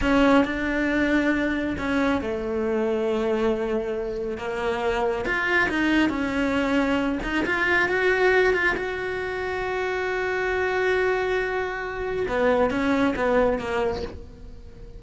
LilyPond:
\new Staff \with { instrumentName = "cello" } { \time 4/4 \tempo 4 = 137 cis'4 d'2. | cis'4 a2.~ | a2 ais2 | f'4 dis'4 cis'2~ |
cis'8 dis'8 f'4 fis'4. f'8 | fis'1~ | fis'1 | b4 cis'4 b4 ais4 | }